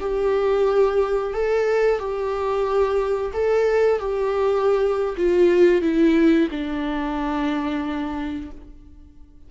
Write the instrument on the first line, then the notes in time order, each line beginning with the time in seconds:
viola
0.00 G4
1.34 A4
1.98 G4
3.33 A4
3.99 G4
5.17 F4
5.82 E4
6.51 D4